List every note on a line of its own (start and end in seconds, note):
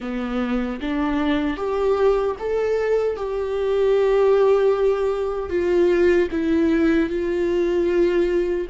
0.00 0.79 B3
0.80 1.56 D4
1.56 2.35 G4
2.39 3.16 A4
3.16 5.49 G4
5.49 6.28 F4
6.31 7.09 E4
7.09 8.67 F4